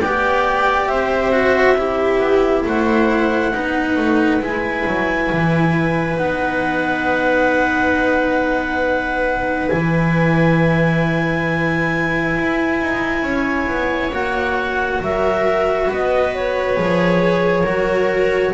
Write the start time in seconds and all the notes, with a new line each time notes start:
0.00 B3 G4 D5 G5
0.87 C4 C5 E5
1.32 F#4
1.78 E4 G4
2.19 B3
2.65 A3 C5 F#5
3.52 B3 D#4 B4
3.96 A3
4.40 G#3 E4 G#5
4.87 F#3
5.32 E3
6.17 B3 D#4 F#5
9.69 E3 E4 G#5
12.37 E4
12.82 D#4
13.22 C#4 C#5
13.67 B3
14.12 A#3 F#4 F#5
15.01 F#3 A#4 E5
15.87 B3 B4
15.93 D#5
16.34 C#5
16.77 F3 G#4
17.62 F#3 F#4 A#4